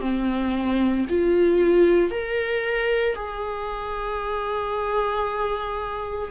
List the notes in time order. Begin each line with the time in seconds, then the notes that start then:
0.00 C4
1.09 F4
2.11 A#4
3.15 G#4